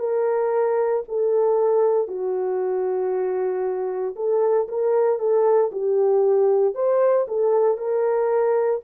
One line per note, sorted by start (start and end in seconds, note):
0.00 1.03 A#4
1.09 2.08 A4
2.08 4.15 F#4
4.16 4.68 A4
4.68 5.20 A#4
5.20 5.71 A4
5.72 6.75 G4
6.75 7.26 C5
7.28 7.78 A4
7.78 8.81 A#4